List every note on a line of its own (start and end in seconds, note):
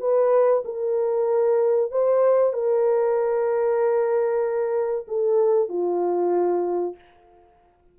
0.00 0.63 B4
0.65 1.91 A#4
1.91 2.53 C5
2.53 5.06 A#4
5.07 5.69 A4
5.69 6.95 F4